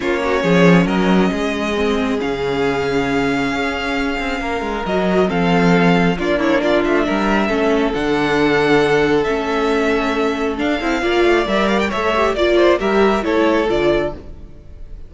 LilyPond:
<<
  \new Staff \with { instrumentName = "violin" } { \time 4/4 \tempo 4 = 136 cis''2 dis''2~ | dis''4 f''2.~ | f''2. dis''4 | f''2 d''8 cis''8 d''8 e''8~ |
e''2 fis''2~ | fis''4 e''2. | f''2 e''8 f''16 g''16 e''4 | d''4 e''4 cis''4 d''4 | }
  \new Staff \with { instrumentName = "violin" } { \time 4/4 f'8 fis'8 gis'4 ais'4 gis'4~ | gis'1~ | gis'2 ais'2 | a'2 f'8 e'8 f'4 |
ais'4 a'2.~ | a'1~ | a'4 d''2 cis''4 | d''8 c''8 ais'4 a'2 | }
  \new Staff \with { instrumentName = "viola" } { \time 4/4 cis'1 | c'4 cis'2.~ | cis'2. fis'4 | c'2 d'2~ |
d'4 cis'4 d'2~ | d'4 cis'2. | d'8 e'8 f'4 ais'4 a'8 g'8 | f'4 g'4 e'4 f'4 | }
  \new Staff \with { instrumentName = "cello" } { \time 4/4 ais4 f4 fis4 gis4~ | gis4 cis2. | cis'4. c'8 ais8 gis8 fis4 | f2 ais4. a8 |
g4 a4 d2~ | d4 a2. | d'8 c'8 ais8 a8 g4 a4 | ais4 g4 a4 d4 | }
>>